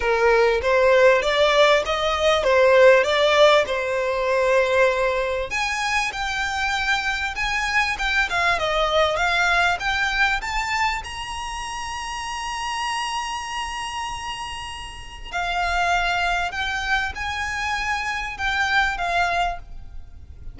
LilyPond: \new Staff \with { instrumentName = "violin" } { \time 4/4 \tempo 4 = 98 ais'4 c''4 d''4 dis''4 | c''4 d''4 c''2~ | c''4 gis''4 g''2 | gis''4 g''8 f''8 dis''4 f''4 |
g''4 a''4 ais''2~ | ais''1~ | ais''4 f''2 g''4 | gis''2 g''4 f''4 | }